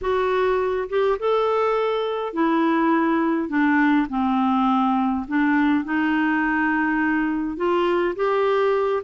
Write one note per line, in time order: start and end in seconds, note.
0.01 0.88 F#4
0.89 1.18 G4
1.19 2.33 A4
2.33 3.48 E4
3.48 4.07 D4
4.09 5.26 C4
5.27 5.84 D4
5.84 7.56 D#4
7.56 8.14 F4
8.15 9.03 G4